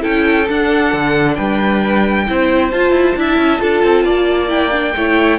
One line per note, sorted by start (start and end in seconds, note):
0.00 0.49 C#4
0.00 0.45 E4
0.00 1.35 A4
0.00 0.48 G5
0.48 2.27 D4
0.48 0.93 D4
0.48 1.35 F#5
0.93 1.37 D3
1.35 2.27 G3
1.35 2.25 B4
1.35 2.69 G5
2.27 2.72 C4
2.27 2.72 E4
2.27 3.19 C5
2.71 2.91 F4
2.71 3.16 F4
2.71 4.49 A5
2.91 3.13 E4
3.16 3.37 D4
3.16 3.58 E4
3.16 3.60 E5
3.37 3.60 C#4
3.58 3.83 D4
3.58 4.48 F4
3.58 4.05 A4
3.83 4.04 C4
4.04 4.94 A#3
4.04 4.94 D5
4.48 4.70 E4
4.48 5.38 G5
4.71 4.94 D4
4.96 5.38 A3
4.96 5.38 E4
4.96 5.38 C#5